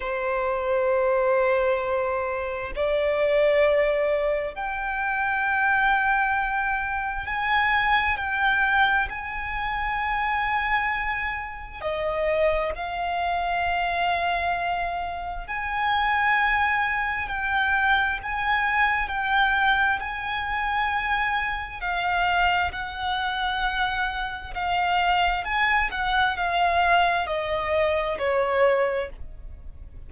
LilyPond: \new Staff \with { instrumentName = "violin" } { \time 4/4 \tempo 4 = 66 c''2. d''4~ | d''4 g''2. | gis''4 g''4 gis''2~ | gis''4 dis''4 f''2~ |
f''4 gis''2 g''4 | gis''4 g''4 gis''2 | f''4 fis''2 f''4 | gis''8 fis''8 f''4 dis''4 cis''4 | }